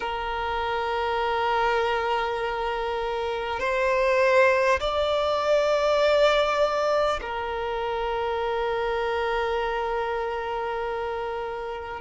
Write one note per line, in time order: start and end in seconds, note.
0.00 3.59 A#4
3.59 4.79 C5
4.80 7.20 D5
7.21 12.01 A#4